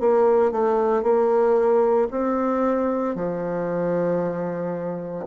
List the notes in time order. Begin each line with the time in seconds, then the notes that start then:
0.00 A#3
0.52 A3
1.02 A#3
2.11 C4
3.15 F3